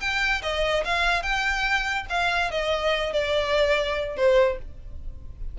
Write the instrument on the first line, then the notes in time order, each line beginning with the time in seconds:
violin
0.00 G5
0.42 D#5
0.85 F5
1.22 G5
2.09 F5
2.51 D#5
3.12 D5
4.17 C5